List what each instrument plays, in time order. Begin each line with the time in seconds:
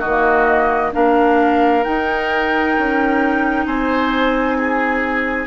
0.00 bassoon D#3, oboe F#4, flute D#5
0.08 clarinet A#3
0.93 bassoon A#3, clarinet D4, oboe A#4, flute F5
1.84 clarinet D#4, bassoon D#4, flute G5
2.78 bassoon C#4
3.67 bassoon C4, oboe C5, flute G#5
4.59 oboe G#4